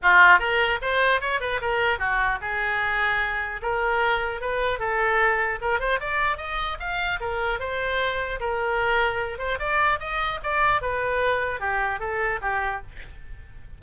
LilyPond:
\new Staff \with { instrumentName = "oboe" } { \time 4/4 \tempo 4 = 150 f'4 ais'4 c''4 cis''8 b'8 | ais'4 fis'4 gis'2~ | gis'4 ais'2 b'4 | a'2 ais'8 c''8 d''4 |
dis''4 f''4 ais'4 c''4~ | c''4 ais'2~ ais'8 c''8 | d''4 dis''4 d''4 b'4~ | b'4 g'4 a'4 g'4 | }